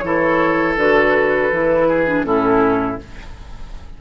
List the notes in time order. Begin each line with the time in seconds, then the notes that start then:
0.00 E3 E4 A4 C#5
0.77 D3 F#4 B4
1.52 E3 E4
1.88 G#4
2.06 D4
2.24 A2 C#4 E4 A4